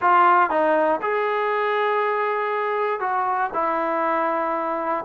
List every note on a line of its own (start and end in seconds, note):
0.01 0.50 F4
0.50 1.00 D#4
1.01 3.00 G#4
3.00 3.50 F#4
3.53 5.04 E4